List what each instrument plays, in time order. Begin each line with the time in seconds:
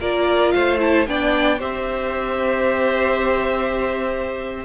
0.00 cello A#3, viola F4, violin A#4 D5
0.52 cello A3, violin C5 F5
0.79 viola E4, violin A5
1.07 cello B3, viola D4, violin D5 G5
1.59 cello C4, viola G4, violin C5 E5